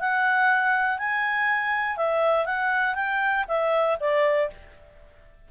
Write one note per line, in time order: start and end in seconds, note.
0.00 0.99 F#5
0.99 1.97 G#5
1.97 2.46 E5
2.46 2.95 F#5
2.95 3.45 G5
3.48 3.98 E5
4.00 4.50 D5